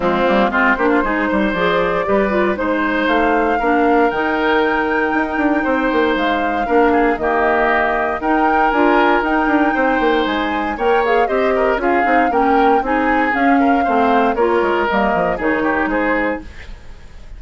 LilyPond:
<<
  \new Staff \with { instrumentName = "flute" } { \time 4/4 \tempo 4 = 117 f'4 c''2 d''4~ | d''4 c''4 f''2 | g''1 | f''2 dis''2 |
g''4 gis''4 g''2 | gis''4 g''8 f''8 dis''4 f''4 | g''4 gis''4 f''2 | cis''4 dis''4 cis''4 c''4 | }
  \new Staff \with { instrumentName = "oboe" } { \time 4/4 c'4 f'8 g'16 f'16 gis'8 c''4. | b'4 c''2 ais'4~ | ais'2. c''4~ | c''4 ais'8 gis'8 g'2 |
ais'2. c''4~ | c''4 cis''4 c''8 ais'8 gis'4 | ais'4 gis'4. ais'8 c''4 | ais'2 gis'8 g'8 gis'4 | }
  \new Staff \with { instrumentName = "clarinet" } { \time 4/4 gis8 ais8 c'8 d'8 dis'4 gis'4 | g'8 f'8 dis'2 d'4 | dis'1~ | dis'4 d'4 ais2 |
dis'4 f'4 dis'2~ | dis'4 ais'8 gis'8 g'4 f'8 dis'8 | cis'4 dis'4 cis'4 c'4 | f'4 ais4 dis'2 | }
  \new Staff \with { instrumentName = "bassoon" } { \time 4/4 f8 g8 gis8 ais8 gis8 g8 f4 | g4 gis4 a4 ais4 | dis2 dis'8 d'8 c'8 ais8 | gis4 ais4 dis2 |
dis'4 d'4 dis'8 d'8 c'8 ais8 | gis4 ais4 c'4 cis'8 c'8 | ais4 c'4 cis'4 a4 | ais8 gis8 g8 f8 dis4 gis4 | }
>>